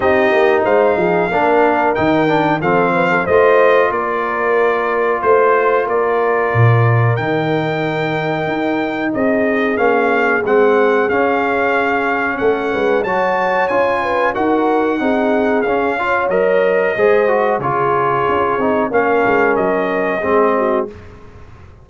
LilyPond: <<
  \new Staff \with { instrumentName = "trumpet" } { \time 4/4 \tempo 4 = 92 dis''4 f''2 g''4 | f''4 dis''4 d''2 | c''4 d''2 g''4~ | g''2 dis''4 f''4 |
fis''4 f''2 fis''4 | a''4 gis''4 fis''2 | f''4 dis''2 cis''4~ | cis''4 f''4 dis''2 | }
  \new Staff \with { instrumentName = "horn" } { \time 4/4 g'4 c''8 gis'8 ais'2 | a'8 b'16 a'16 c''4 ais'2 | c''4 ais'2.~ | ais'2 gis'2~ |
gis'2. a'8 b'8 | cis''4. b'8 ais'4 gis'4~ | gis'8 cis''4. c''4 gis'4~ | gis'4 ais'2 gis'8 fis'8 | }
  \new Staff \with { instrumentName = "trombone" } { \time 4/4 dis'2 d'4 dis'8 d'8 | c'4 f'2.~ | f'2. dis'4~ | dis'2. cis'4 |
c'4 cis'2. | fis'4 f'4 fis'4 dis'4 | cis'8 f'8 ais'4 gis'8 fis'8 f'4~ | f'8 dis'8 cis'2 c'4 | }
  \new Staff \with { instrumentName = "tuba" } { \time 4/4 c'8 ais8 gis8 f8 ais4 dis4 | f4 a4 ais2 | a4 ais4 ais,4 dis4~ | dis4 dis'4 c'4 ais4 |
gis4 cis'2 a8 gis8 | fis4 cis'4 dis'4 c'4 | cis'4 fis4 gis4 cis4 | cis'8 c'8 ais8 gis8 fis4 gis4 | }
>>